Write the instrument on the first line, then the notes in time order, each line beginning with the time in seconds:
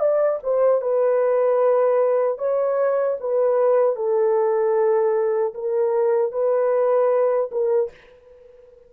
horn
0.00 D5
0.43 C5
0.82 B4
2.39 C#5
3.20 B4
3.96 A4
5.55 A#4
6.32 B4
7.51 A#4